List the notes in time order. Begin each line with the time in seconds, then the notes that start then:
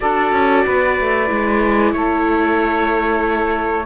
0.00 D4 F#4 A4 D5
0.31 C#4
0.65 B3 B4
1.00 A3
1.26 G#3 E4
1.92 A3 A4 C#5